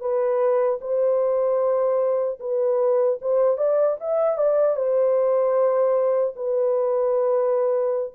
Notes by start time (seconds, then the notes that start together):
0.00 B4
0.81 C5
2.40 B4
3.22 C5
3.57 D5
4.00 E5
4.38 D5
4.76 C5
6.36 B4